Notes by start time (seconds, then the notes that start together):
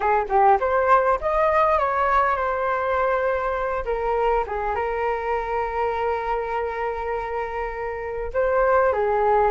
0.00 G#4
0.28 G4
0.59 C5
1.20 D#5
1.78 C#5
2.36 C5
3.85 A#4
4.46 G#4
4.75 A#4
8.33 C5
8.92 G#4